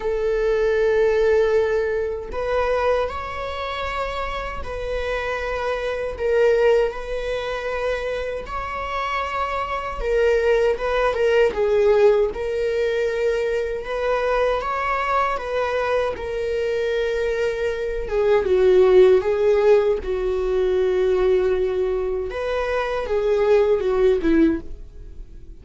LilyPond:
\new Staff \with { instrumentName = "viola" } { \time 4/4 \tempo 4 = 78 a'2. b'4 | cis''2 b'2 | ais'4 b'2 cis''4~ | cis''4 ais'4 b'8 ais'8 gis'4 |
ais'2 b'4 cis''4 | b'4 ais'2~ ais'8 gis'8 | fis'4 gis'4 fis'2~ | fis'4 b'4 gis'4 fis'8 e'8 | }